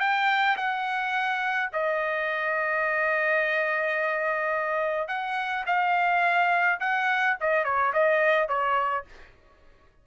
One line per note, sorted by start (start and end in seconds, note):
0.00 0.57 G5
0.57 1.70 F#5
1.73 5.08 D#5
5.08 5.65 F#5
5.66 6.80 F5
6.80 7.37 F#5
7.40 7.65 D#5
7.65 7.93 C#5
7.93 8.49 D#5
8.49 9.05 C#5